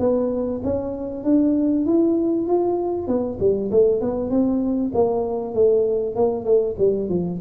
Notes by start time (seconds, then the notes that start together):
0.00 B3
0.64 C#4
1.24 D4
1.86 E4
2.47 F4
3.08 B3
3.40 G3
3.71 A3
4.01 B3
4.30 C4
4.95 A#3
5.54 A3
6.16 A#3
6.45 A3
6.78 G3
7.10 F3